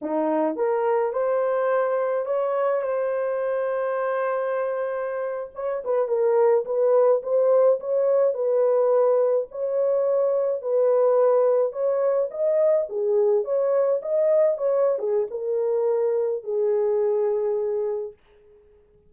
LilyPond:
\new Staff \with { instrumentName = "horn" } { \time 4/4 \tempo 4 = 106 dis'4 ais'4 c''2 | cis''4 c''2.~ | c''4.~ c''16 cis''8 b'8 ais'4 b'16~ | b'8. c''4 cis''4 b'4~ b'16~ |
b'8. cis''2 b'4~ b'16~ | b'8. cis''4 dis''4 gis'4 cis''16~ | cis''8. dis''4 cis''8. gis'8 ais'4~ | ais'4 gis'2. | }